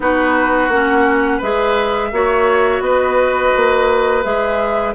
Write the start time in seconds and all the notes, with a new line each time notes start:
0.00 B3 D#4 F#4 B4
0.68 A#3 C#4 F#5
1.37 G#3 G#4 B4 E5
2.12 A#3 F#4 C#5
2.80 B3 B4 D#5
3.55 A#3
4.23 G#3 G#4 E5